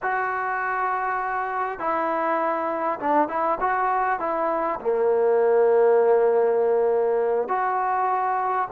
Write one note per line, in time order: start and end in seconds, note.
0.02 1.79 F#4
1.79 2.99 E4
2.99 3.28 D4
3.28 3.58 E4
3.60 4.19 F#4
4.19 4.79 E4
4.80 7.48 A#3
7.48 8.68 F#4